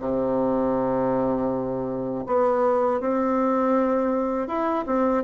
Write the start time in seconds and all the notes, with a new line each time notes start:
0.00 C3
2.27 B3
3.01 C4
4.48 E4
4.86 C4